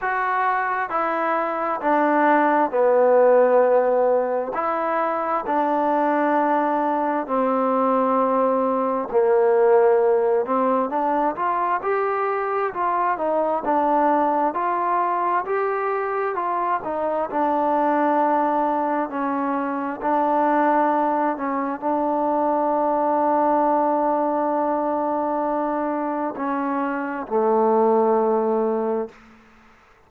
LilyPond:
\new Staff \with { instrumentName = "trombone" } { \time 4/4 \tempo 4 = 66 fis'4 e'4 d'4 b4~ | b4 e'4 d'2 | c'2 ais4. c'8 | d'8 f'8 g'4 f'8 dis'8 d'4 |
f'4 g'4 f'8 dis'8 d'4~ | d'4 cis'4 d'4. cis'8 | d'1~ | d'4 cis'4 a2 | }